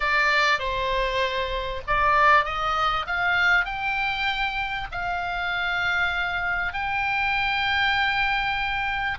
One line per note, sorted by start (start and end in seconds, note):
0.00 0.59 D5
0.59 1.81 C5
1.87 2.44 D5
2.44 3.06 D#5
3.06 3.65 F5
3.65 4.87 G5
4.91 6.73 F5
6.73 9.18 G5